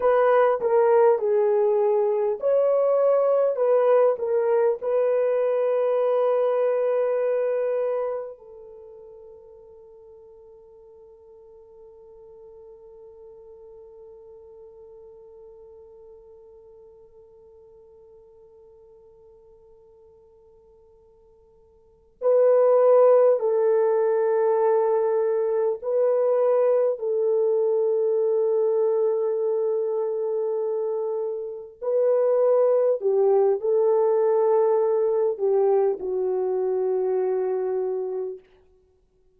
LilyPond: \new Staff \with { instrumentName = "horn" } { \time 4/4 \tempo 4 = 50 b'8 ais'8 gis'4 cis''4 b'8 ais'8 | b'2. a'4~ | a'1~ | a'1~ |
a'2~ a'8 b'4 a'8~ | a'4. b'4 a'4.~ | a'2~ a'8 b'4 g'8 | a'4. g'8 fis'2 | }